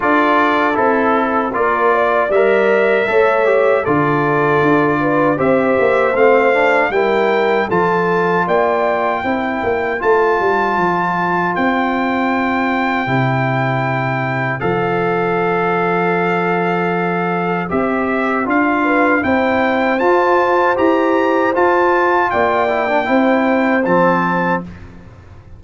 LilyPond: <<
  \new Staff \with { instrumentName = "trumpet" } { \time 4/4 \tempo 4 = 78 d''4 a'4 d''4 e''4~ | e''4 d''2 e''4 | f''4 g''4 a''4 g''4~ | g''4 a''2 g''4~ |
g''2. f''4~ | f''2. e''4 | f''4 g''4 a''4 ais''4 | a''4 g''2 a''4 | }
  \new Staff \with { instrumentName = "horn" } { \time 4/4 a'2 ais'8 d''4. | cis''4 a'4. b'8 c''4~ | c''4 ais'4 a'4 d''4 | c''1~ |
c''1~ | c''1~ | c''8 b'8 c''2.~ | c''4 d''4 c''2 | }
  \new Staff \with { instrumentName = "trombone" } { \time 4/4 f'4 e'4 f'4 ais'4 | a'8 g'8 f'2 g'4 | c'8 d'8 e'4 f'2 | e'4 f'2.~ |
f'4 e'2 a'4~ | a'2. g'4 | f'4 e'4 f'4 g'4 | f'4. e'16 d'16 e'4 c'4 | }
  \new Staff \with { instrumentName = "tuba" } { \time 4/4 d'4 c'4 ais4 g4 | a4 d4 d'4 c'8 ais8 | a4 g4 f4 ais4 | c'8 ais8 a8 g8 f4 c'4~ |
c'4 c2 f4~ | f2. c'4 | d'4 c'4 f'4 e'4 | f'4 ais4 c'4 f4 | }
>>